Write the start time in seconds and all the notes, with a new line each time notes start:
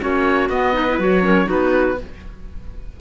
0.00 A#3 C#4 F#4 C#5
0.49 B3 D#5
0.74 D#4 B4
0.89 E4
0.99 F#3 F#4 C#5
1.22 C#4 A#4
1.45 B3 D#4 F#4 B4